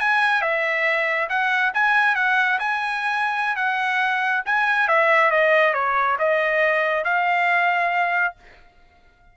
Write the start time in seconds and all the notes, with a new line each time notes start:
0.00 G#5
0.42 E5
1.29 F#5
1.74 G#5
2.15 F#5
2.59 G#5
3.56 F#5
4.45 G#5
4.88 E5
5.30 D#5
5.74 C#5
6.19 D#5
7.04 F5